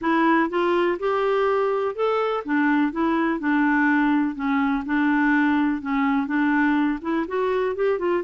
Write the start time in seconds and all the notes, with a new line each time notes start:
0.01 E4
0.49 F4
0.99 G4
1.95 A4
2.44 D4
2.92 E4
3.39 D4
4.35 C#4
4.85 D4
5.81 C#4
6.26 D4
7.01 E4
7.27 F#4
7.75 G4
7.99 F4